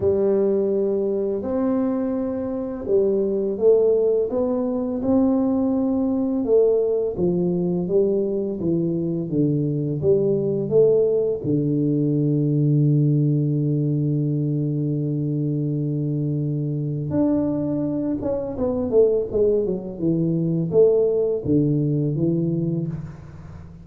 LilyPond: \new Staff \with { instrumentName = "tuba" } { \time 4/4 \tempo 4 = 84 g2 c'2 | g4 a4 b4 c'4~ | c'4 a4 f4 g4 | e4 d4 g4 a4 |
d1~ | d1 | d'4. cis'8 b8 a8 gis8 fis8 | e4 a4 d4 e4 | }